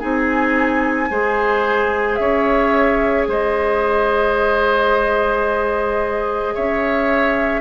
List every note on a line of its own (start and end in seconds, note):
0.00 1.10 C4
0.00 1.09 D#4
0.00 1.09 G#4
0.00 2.16 G#5
1.10 2.19 G#3
1.10 7.62 G#4
1.10 2.20 C5
2.16 3.27 C#4
2.16 3.29 C#5
2.16 3.25 E5
3.27 6.55 G#3
3.27 6.55 C5
3.27 6.56 D#5
6.55 7.62 C#4
6.55 7.62 C#5
6.55 7.62 E5